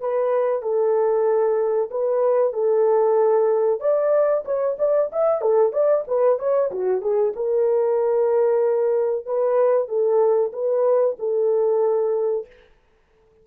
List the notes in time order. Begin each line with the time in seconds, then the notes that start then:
0.00 B4
0.62 A4
1.90 B4
2.53 A4
3.80 D5
4.45 C#5
4.78 D5
5.12 E5
5.41 A4
5.72 D5
6.07 B4
6.39 C#5
6.71 F#4
7.01 G#4
7.36 A#4
9.26 B4
9.88 A4
10.52 B4
11.19 A4